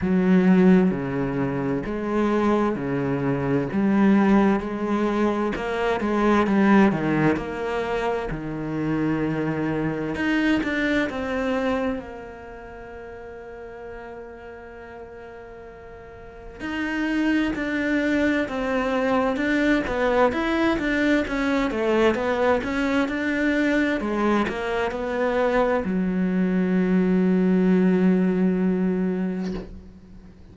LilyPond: \new Staff \with { instrumentName = "cello" } { \time 4/4 \tempo 4 = 65 fis4 cis4 gis4 cis4 | g4 gis4 ais8 gis8 g8 dis8 | ais4 dis2 dis'8 d'8 | c'4 ais2.~ |
ais2 dis'4 d'4 | c'4 d'8 b8 e'8 d'8 cis'8 a8 | b8 cis'8 d'4 gis8 ais8 b4 | fis1 | }